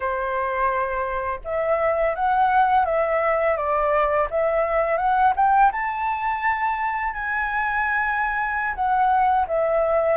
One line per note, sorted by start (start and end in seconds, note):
0.00 1.40 C5
1.44 2.15 E5
2.15 2.85 F#5
2.85 3.56 E5
3.56 4.28 D5
4.30 4.97 E5
4.97 5.33 F#5
5.35 5.71 G5
5.72 7.13 A5
7.13 8.74 G#5
8.75 9.46 F#5
9.47 10.17 E5